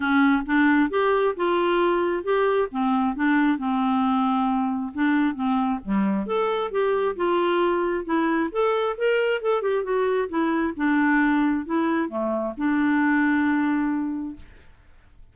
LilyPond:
\new Staff \with { instrumentName = "clarinet" } { \time 4/4 \tempo 4 = 134 cis'4 d'4 g'4 f'4~ | f'4 g'4 c'4 d'4 | c'2. d'4 | c'4 g4 a'4 g'4 |
f'2 e'4 a'4 | ais'4 a'8 g'8 fis'4 e'4 | d'2 e'4 a4 | d'1 | }